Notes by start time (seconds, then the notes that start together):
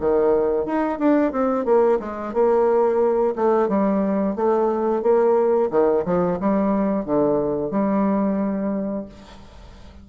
0.00 D#3
0.66 D#4
0.99 D4
1.32 C4
1.65 A#3
2.00 G#3
2.34 A#3
3.36 A3
3.68 G3
4.36 A3
5.02 A#3
5.71 D#3
6.05 F3
6.40 G3
7.05 D3
7.71 G3